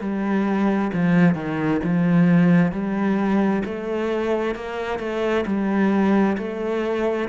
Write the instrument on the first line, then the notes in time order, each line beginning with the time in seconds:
cello
0.00 G3
0.93 F3
1.34 D#3
1.83 F3
2.71 G3
3.64 A3
4.55 A#3
4.99 A3
5.45 G3
6.37 A3